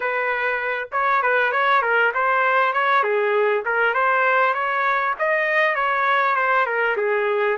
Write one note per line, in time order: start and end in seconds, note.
0.00 0.88 B4
0.91 1.22 C#5
1.22 1.52 B4
1.52 1.82 C#5
1.82 2.12 A#4
2.13 2.73 C5
2.73 3.03 C#5
3.03 3.63 G#4
3.65 3.94 A#4
3.94 4.53 C5
4.53 5.14 C#5
5.18 5.75 D#5
5.75 6.35 C#5
6.35 6.65 C5
6.65 6.96 A#4
6.96 7.57 G#4